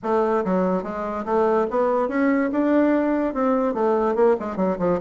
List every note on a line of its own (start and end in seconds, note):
0.02 0.44 A3
0.45 0.83 F#3
0.83 1.24 G#3
1.25 1.66 A3
1.70 2.08 B3
2.08 2.50 C#4
2.52 3.34 D4
3.34 3.73 C4
3.73 4.15 A3
4.15 4.36 A#3
4.39 4.56 G#3
4.56 4.77 F#3
4.78 4.99 F3